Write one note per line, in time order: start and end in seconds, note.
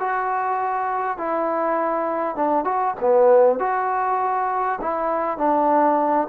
0.00 1.18 F#4
1.18 2.36 E4
2.36 2.65 D4
2.65 2.95 F#4
3.01 3.60 B3
3.60 4.80 F#4
4.82 5.38 E4
5.38 6.28 D4